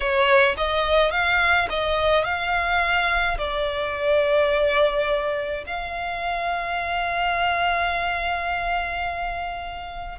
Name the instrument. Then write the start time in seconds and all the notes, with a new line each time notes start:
violin
0.00 C#5
0.57 D#5
1.11 F5
1.69 D#5
2.24 F5
3.38 D5
5.66 F5